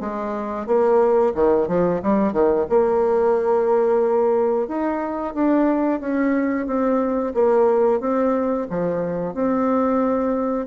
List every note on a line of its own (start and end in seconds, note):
0.00 0.66 G#3
0.66 1.33 A#3
1.35 1.68 D#3
1.68 2.01 F3
2.02 2.32 G3
2.32 2.66 D#3
2.69 4.68 A#3
4.68 5.34 D#4
5.34 6.00 D4
6.00 6.66 C#4
6.66 7.33 C4
7.34 8.00 A#3
8.00 8.67 C4
8.70 9.34 F3
9.34 10.67 C4